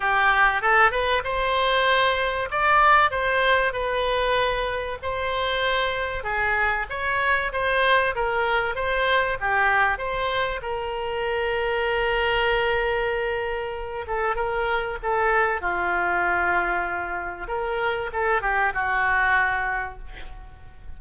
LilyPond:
\new Staff \with { instrumentName = "oboe" } { \time 4/4 \tempo 4 = 96 g'4 a'8 b'8 c''2 | d''4 c''4 b'2 | c''2 gis'4 cis''4 | c''4 ais'4 c''4 g'4 |
c''4 ais'2.~ | ais'2~ ais'8 a'8 ais'4 | a'4 f'2. | ais'4 a'8 g'8 fis'2 | }